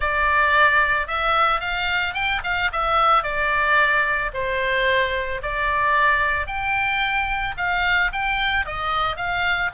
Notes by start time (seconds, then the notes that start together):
0.00 D5
1.07 E5
1.60 F5
2.14 G5
2.43 F5
2.72 E5
3.23 D5
4.33 C5
5.42 D5
6.46 G5
7.57 F5
8.12 G5
8.65 D#5
9.16 F5